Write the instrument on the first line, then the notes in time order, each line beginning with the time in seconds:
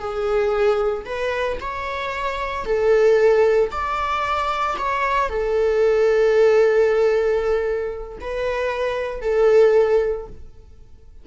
viola
0.00 G#4
1.06 B4
1.61 C#5
2.66 A4
3.72 D5
4.78 C#5
5.29 A4
8.21 B4
9.22 A4